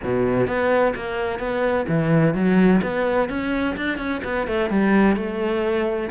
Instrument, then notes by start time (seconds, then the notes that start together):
cello
0.03 B2
0.47 B3
0.95 A#3
1.39 B3
1.88 E3
2.34 F#3
2.82 B3
3.29 C#4
3.76 D4
3.97 C#4
4.24 B3
4.47 A3
4.69 G3
5.16 A3